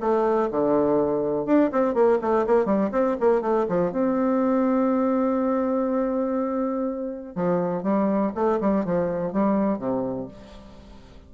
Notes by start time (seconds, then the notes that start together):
0.00 A3
0.51 D3
1.45 D4
1.72 C4
1.94 A#3
2.21 A3
2.46 A#3
2.65 G3
2.92 C4
3.20 A#3
3.41 A3
3.68 F3
3.91 C4
7.35 F3
7.83 G3
8.35 A3
8.60 G3
8.85 F3
9.32 G3
9.78 C3